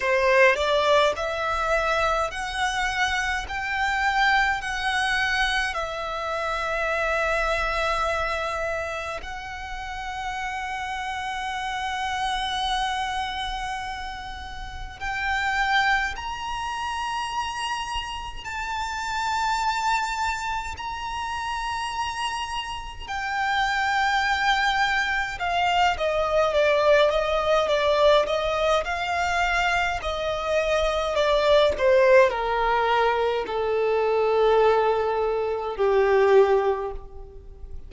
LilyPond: \new Staff \with { instrumentName = "violin" } { \time 4/4 \tempo 4 = 52 c''8 d''8 e''4 fis''4 g''4 | fis''4 e''2. | fis''1~ | fis''4 g''4 ais''2 |
a''2 ais''2 | g''2 f''8 dis''8 d''8 dis''8 | d''8 dis''8 f''4 dis''4 d''8 c''8 | ais'4 a'2 g'4 | }